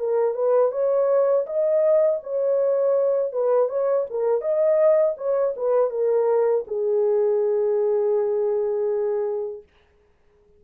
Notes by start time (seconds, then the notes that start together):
0.00 A#4
0.35 B4
0.72 C#5
1.47 D#5
2.24 C#5
3.33 B4
3.69 C#5
4.10 A#4
4.41 D#5
5.18 C#5
5.57 B4
5.91 A#4
6.68 G#4